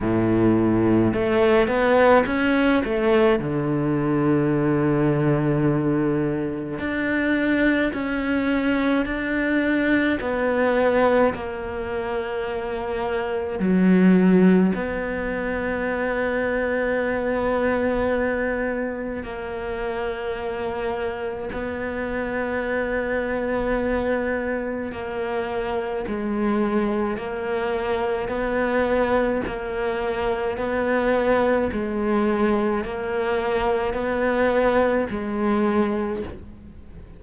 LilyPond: \new Staff \with { instrumentName = "cello" } { \time 4/4 \tempo 4 = 53 a,4 a8 b8 cis'8 a8 d4~ | d2 d'4 cis'4 | d'4 b4 ais2 | fis4 b2.~ |
b4 ais2 b4~ | b2 ais4 gis4 | ais4 b4 ais4 b4 | gis4 ais4 b4 gis4 | }